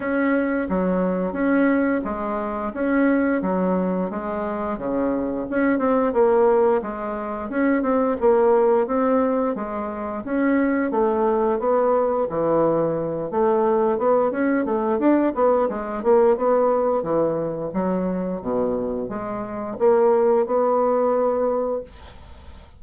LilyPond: \new Staff \with { instrumentName = "bassoon" } { \time 4/4 \tempo 4 = 88 cis'4 fis4 cis'4 gis4 | cis'4 fis4 gis4 cis4 | cis'8 c'8 ais4 gis4 cis'8 c'8 | ais4 c'4 gis4 cis'4 |
a4 b4 e4. a8~ | a8 b8 cis'8 a8 d'8 b8 gis8 ais8 | b4 e4 fis4 b,4 | gis4 ais4 b2 | }